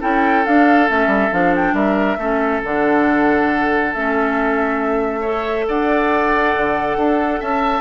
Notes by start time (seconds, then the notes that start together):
0.00 C#4 E4 A4 G5
0.46 D4 F5
0.88 A3 C#4 E5
1.07 G3
1.32 F3 D4 F5
1.56 G5
1.73 G3 A#4 E5
2.18 A3 C#4 A4
2.64 D3 D4 F#5
3.93 A3 C#4 E5
5.21 A4 C#5
5.68 D4 D5 F#5
6.57 D3
6.97 D4 A4
7.40 C#4 E5 A5